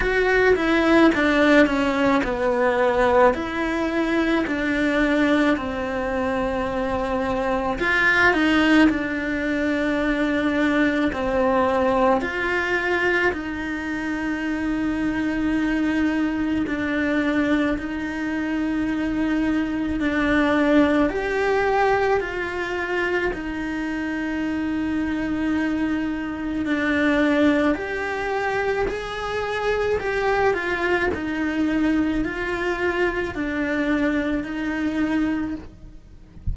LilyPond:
\new Staff \with { instrumentName = "cello" } { \time 4/4 \tempo 4 = 54 fis'8 e'8 d'8 cis'8 b4 e'4 | d'4 c'2 f'8 dis'8 | d'2 c'4 f'4 | dis'2. d'4 |
dis'2 d'4 g'4 | f'4 dis'2. | d'4 g'4 gis'4 g'8 f'8 | dis'4 f'4 d'4 dis'4 | }